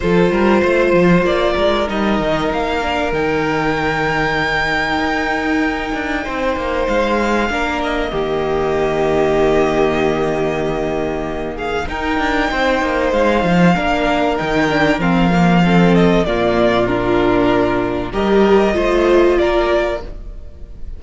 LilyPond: <<
  \new Staff \with { instrumentName = "violin" } { \time 4/4 \tempo 4 = 96 c''2 d''4 dis''4 | f''4 g''2.~ | g''2. f''4~ | f''8 dis''2.~ dis''8~ |
dis''2~ dis''8 f''8 g''4~ | g''4 f''2 g''4 | f''4. dis''8 d''4 ais'4~ | ais'4 dis''2 d''4 | }
  \new Staff \with { instrumentName = "violin" } { \time 4/4 a'8 ais'8 c''4. ais'4.~ | ais'1~ | ais'2 c''2 | ais'4 g'2.~ |
g'2~ g'8 gis'8 ais'4 | c''2 ais'2~ | ais'4 a'4 f'2~ | f'4 ais'4 c''4 ais'4 | }
  \new Staff \with { instrumentName = "viola" } { \time 4/4 f'2. dis'4~ | dis'8 d'8 dis'2.~ | dis'1 | d'4 ais2.~ |
ais2. dis'4~ | dis'2 d'4 dis'8 d'8 | c'8 ais8 c'4 ais4 d'4~ | d'4 g'4 f'2 | }
  \new Staff \with { instrumentName = "cello" } { \time 4/4 f8 g8 a8 f8 ais8 gis8 g8 dis8 | ais4 dis2. | dis'4. d'8 c'8 ais8 gis4 | ais4 dis2.~ |
dis2. dis'8 d'8 | c'8 ais8 gis8 f8 ais4 dis4 | f2 ais,2~ | ais,4 g4 a4 ais4 | }
>>